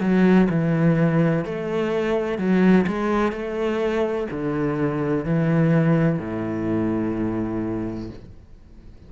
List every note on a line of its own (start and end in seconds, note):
0.00 0.48 F#3
0.49 1.45 E3
1.45 2.38 A3
2.38 2.85 F#3
2.87 3.32 G#3
3.32 4.27 A3
4.31 5.25 D3
5.25 6.19 E3
6.19 8.10 A2